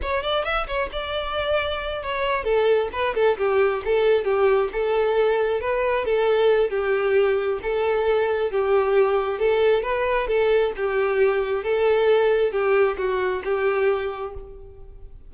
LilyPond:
\new Staff \with { instrumentName = "violin" } { \time 4/4 \tempo 4 = 134 cis''8 d''8 e''8 cis''8 d''2~ | d''8 cis''4 a'4 b'8 a'8 g'8~ | g'8 a'4 g'4 a'4.~ | a'8 b'4 a'4. g'4~ |
g'4 a'2 g'4~ | g'4 a'4 b'4 a'4 | g'2 a'2 | g'4 fis'4 g'2 | }